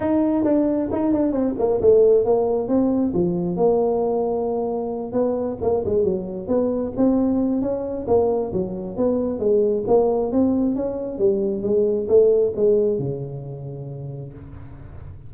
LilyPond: \new Staff \with { instrumentName = "tuba" } { \time 4/4 \tempo 4 = 134 dis'4 d'4 dis'8 d'8 c'8 ais8 | a4 ais4 c'4 f4 | ais2.~ ais8 b8~ | b8 ais8 gis8 fis4 b4 c'8~ |
c'4 cis'4 ais4 fis4 | b4 gis4 ais4 c'4 | cis'4 g4 gis4 a4 | gis4 cis2. | }